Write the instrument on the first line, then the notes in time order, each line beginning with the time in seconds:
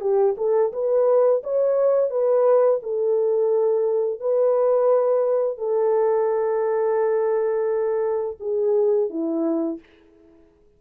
horn
0.00 G4
0.37 A4
0.72 B4
1.43 C#5
2.10 B4
2.82 A4
4.20 B4
5.58 A4
8.40 G#4
9.10 E4